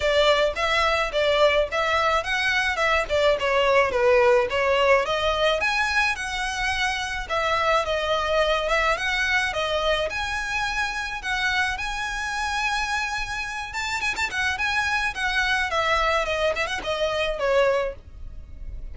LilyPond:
\new Staff \with { instrumentName = "violin" } { \time 4/4 \tempo 4 = 107 d''4 e''4 d''4 e''4 | fis''4 e''8 d''8 cis''4 b'4 | cis''4 dis''4 gis''4 fis''4~ | fis''4 e''4 dis''4. e''8 |
fis''4 dis''4 gis''2 | fis''4 gis''2.~ | gis''8 a''8 gis''16 a''16 fis''8 gis''4 fis''4 | e''4 dis''8 e''16 fis''16 dis''4 cis''4 | }